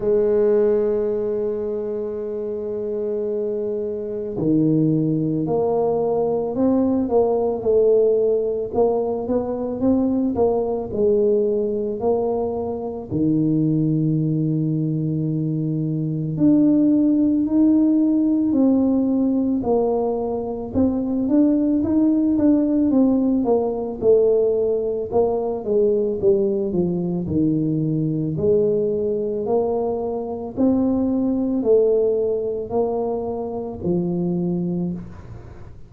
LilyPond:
\new Staff \with { instrumentName = "tuba" } { \time 4/4 \tempo 4 = 55 gis1 | dis4 ais4 c'8 ais8 a4 | ais8 b8 c'8 ais8 gis4 ais4 | dis2. d'4 |
dis'4 c'4 ais4 c'8 d'8 | dis'8 d'8 c'8 ais8 a4 ais8 gis8 | g8 f8 dis4 gis4 ais4 | c'4 a4 ais4 f4 | }